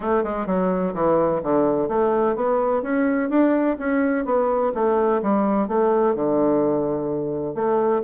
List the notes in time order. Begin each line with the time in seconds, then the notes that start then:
0.00 A3
0.23 G#3
0.46 F#3
0.94 E3
1.42 D3
1.88 A3
2.35 B3
2.82 C#4
3.29 D4
3.79 C#4
4.25 B3
4.74 A3
5.22 G3
5.68 A3
6.15 D3
7.54 A3